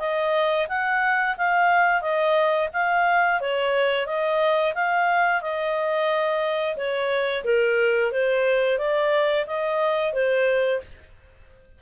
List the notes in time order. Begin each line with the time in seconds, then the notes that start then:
0.00 D#5
0.69 F#5
1.38 F5
2.02 D#5
2.74 F5
3.41 C#5
4.07 D#5
4.75 F5
5.42 D#5
6.77 C#5
7.45 A#4
8.12 C5
8.79 D5
9.47 D#5
10.14 C5